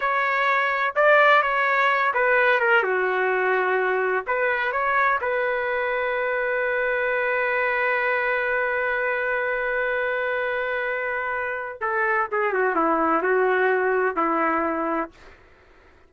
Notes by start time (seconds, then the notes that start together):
0.00 C#5
0.95 D5
1.42 C#5
2.13 B4
2.60 A#4
2.83 F#4
4.26 B4
4.72 C#5
5.21 B4
11.80 A4
12.31 G#4
12.53 F#4
12.75 E4
13.22 F#4
14.16 E4